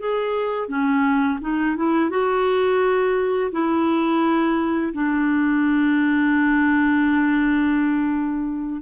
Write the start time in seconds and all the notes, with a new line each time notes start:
0.00 G#4
0.69 C#4
1.41 D#4
1.77 E4
2.11 F#4
3.52 E4
4.94 D4